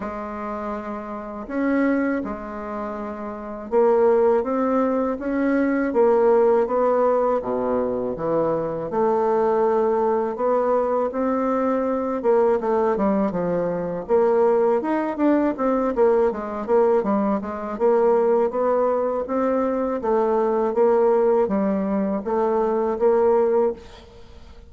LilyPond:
\new Staff \with { instrumentName = "bassoon" } { \time 4/4 \tempo 4 = 81 gis2 cis'4 gis4~ | gis4 ais4 c'4 cis'4 | ais4 b4 b,4 e4 | a2 b4 c'4~ |
c'8 ais8 a8 g8 f4 ais4 | dis'8 d'8 c'8 ais8 gis8 ais8 g8 gis8 | ais4 b4 c'4 a4 | ais4 g4 a4 ais4 | }